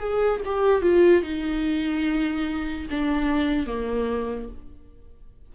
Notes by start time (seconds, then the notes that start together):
0.00 G#4
0.45 G4
0.83 F4
1.23 D#4
2.91 D4
3.67 A#3